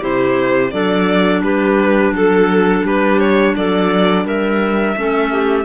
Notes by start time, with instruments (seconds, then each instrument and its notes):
0.00 cello C3, clarinet E4 G4, violin C5
0.70 cello F#3, clarinet D4 A4, violin D5
1.42 cello G3, clarinet G4, violin B4
2.12 cello F#3, clarinet A4, violin A4
2.84 cello G3, clarinet G4, violin B4
3.19 violin C#5
3.56 cello F#3, clarinet A4, violin D5
4.25 cello G3, clarinet A#4, violin E5
4.96 cello A3, clarinet C#4 A4
5.32 clarinet G4